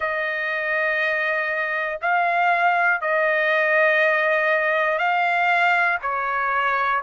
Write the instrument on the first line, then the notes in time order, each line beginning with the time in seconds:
trumpet
0.00 D#5
2.01 F5
3.01 D#5
4.98 F5
6.02 C#5